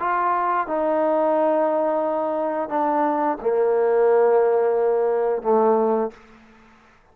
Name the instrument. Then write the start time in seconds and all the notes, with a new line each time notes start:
trombone
0.00 F4
0.68 D#4
2.70 D4
3.42 A#3
5.43 A3